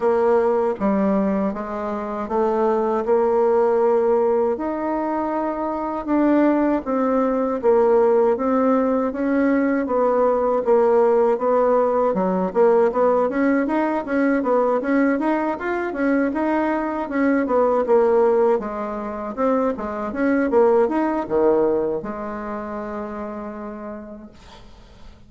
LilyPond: \new Staff \with { instrumentName = "bassoon" } { \time 4/4 \tempo 4 = 79 ais4 g4 gis4 a4 | ais2 dis'2 | d'4 c'4 ais4 c'4 | cis'4 b4 ais4 b4 |
fis8 ais8 b8 cis'8 dis'8 cis'8 b8 cis'8 | dis'8 f'8 cis'8 dis'4 cis'8 b8 ais8~ | ais8 gis4 c'8 gis8 cis'8 ais8 dis'8 | dis4 gis2. | }